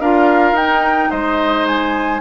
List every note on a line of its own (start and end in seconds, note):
0.00 0.52 D4
0.00 0.57 F4
0.00 1.10 A#4
0.00 0.56 F5
0.52 1.08 D#4
0.52 2.20 D#4
0.52 1.11 G5
1.10 2.20 G#3
1.10 2.20 C5
1.10 1.66 D#5
1.67 2.20 G#5